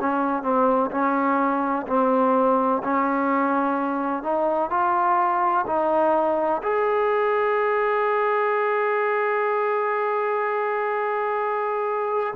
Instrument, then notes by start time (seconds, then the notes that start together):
trombone
0.00 C#4
0.42 C4
0.91 C#4
1.87 C4
2.84 C#4
4.23 D#4
4.70 F4
5.66 D#4
6.63 G#4